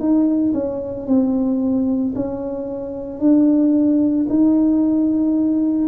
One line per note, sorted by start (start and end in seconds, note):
0.00 0.54 D#4
0.54 1.07 C#4
1.07 2.14 C4
2.16 3.20 C#4
3.20 4.27 D4
4.30 5.89 D#4